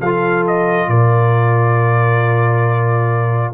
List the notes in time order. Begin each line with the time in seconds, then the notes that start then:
0.00 F3 F4 A4 F5
0.47 D#5
0.87 A#2 A#4 D5